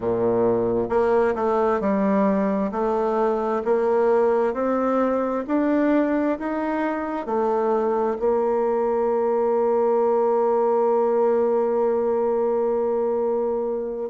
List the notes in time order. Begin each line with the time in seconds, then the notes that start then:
0.00 A#2
0.88 A#3
1.35 A3
1.80 G3
2.71 A3
3.64 A#3
4.53 C4
5.47 D4
6.38 D#4
7.26 A3
8.19 A#3